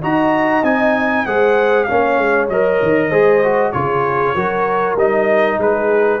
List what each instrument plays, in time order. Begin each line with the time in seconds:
0.00 tuba D#4, trombone F#4, horn D#5, trumpet A#5
0.62 tuba C4, trombone D#4, trumpet G#5
1.25 tuba G#3, trombone G#4, horn C5, trumpet F#5
1.84 trombone C#4, horn C#5, trumpet F5
1.90 tuba A#3
2.18 tuba G#3
2.48 tuba F#3, trombone A#4, trumpet D#5
2.82 tuba D#3
3.09 tuba G#3, trombone G#4, horn C5
3.43 trombone F#4
3.71 tuba C#3, trombone F4, horn G#4, trumpet C#5
4.35 tuba F#3, trombone F#4, horn A#4
4.95 tuba G3, trombone D#4, trumpet D#5
5.58 tuba G#3, horn G#4, trumpet B4